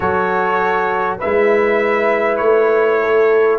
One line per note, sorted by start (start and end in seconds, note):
0.00 1.20 F#3
0.00 1.19 F#4
0.00 1.18 A4
0.00 1.17 C#5
1.18 2.39 G#3
1.18 3.58 E4
1.18 2.98 B4
1.18 2.37 E5
2.37 3.58 A3
2.37 3.56 C#5
3.00 3.58 A4